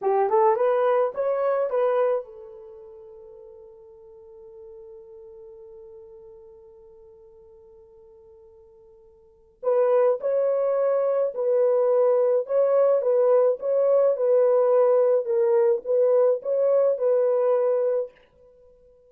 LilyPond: \new Staff \with { instrumentName = "horn" } { \time 4/4 \tempo 4 = 106 g'8 a'8 b'4 cis''4 b'4 | a'1~ | a'1~ | a'1~ |
a'4 b'4 cis''2 | b'2 cis''4 b'4 | cis''4 b'2 ais'4 | b'4 cis''4 b'2 | }